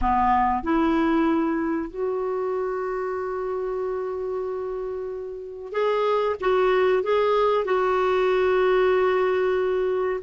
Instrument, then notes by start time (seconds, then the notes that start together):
clarinet
0.01 B3
0.63 E4
1.90 F#4
5.72 G#4
6.40 F#4
7.03 G#4
7.65 F#4